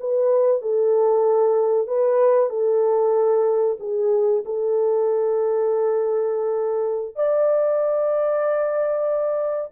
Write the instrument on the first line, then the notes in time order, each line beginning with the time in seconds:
horn
0.00 B4
0.62 A4
1.87 B4
2.50 A4
3.80 G#4
4.45 A4
7.16 D5